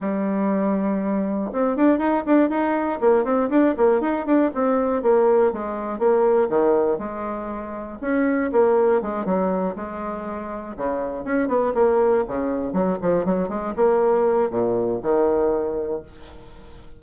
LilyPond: \new Staff \with { instrumentName = "bassoon" } { \time 4/4 \tempo 4 = 120 g2. c'8 d'8 | dis'8 d'8 dis'4 ais8 c'8 d'8 ais8 | dis'8 d'8 c'4 ais4 gis4 | ais4 dis4 gis2 |
cis'4 ais4 gis8 fis4 gis8~ | gis4. cis4 cis'8 b8 ais8~ | ais8 cis4 fis8 f8 fis8 gis8 ais8~ | ais4 ais,4 dis2 | }